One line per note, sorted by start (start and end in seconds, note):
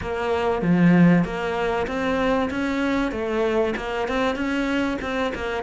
0.01 0.62 A#3
0.62 1.24 F3
1.24 1.87 A#3
1.87 2.49 C4
2.50 3.11 C#4
3.11 3.74 A3
3.76 4.07 A#3
4.08 4.35 C4
4.35 4.98 C#4
5.01 5.32 C4
5.34 5.62 A#3